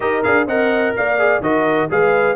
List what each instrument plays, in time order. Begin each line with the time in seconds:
0.00 tuba D#4, trombone G4, horn A#4, trumpet D#5
0.23 tuba D4, trombone G#4, trumpet F5
0.46 tuba C4, trombone A#4, horn D#5, trumpet F#5
0.96 tuba A#3, horn D5, trumpet F5
1.18 trombone G#4
1.40 tuba D#3, trombone F#4, horn A#4, trumpet D#5
1.90 tuba G#3, trombone G#4, horn B4, trumpet F5